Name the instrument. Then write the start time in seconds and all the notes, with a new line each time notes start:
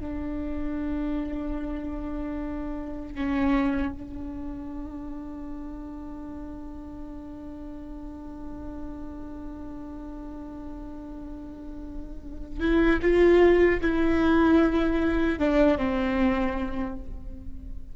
viola
0.00 D4
3.15 C#4
3.93 D4
12.60 E4
13.02 F4
13.81 E4
15.39 D4
15.78 C4